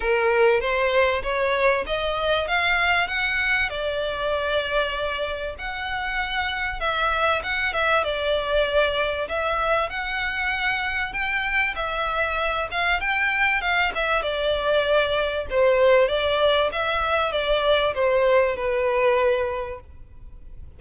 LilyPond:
\new Staff \with { instrumentName = "violin" } { \time 4/4 \tempo 4 = 97 ais'4 c''4 cis''4 dis''4 | f''4 fis''4 d''2~ | d''4 fis''2 e''4 | fis''8 e''8 d''2 e''4 |
fis''2 g''4 e''4~ | e''8 f''8 g''4 f''8 e''8 d''4~ | d''4 c''4 d''4 e''4 | d''4 c''4 b'2 | }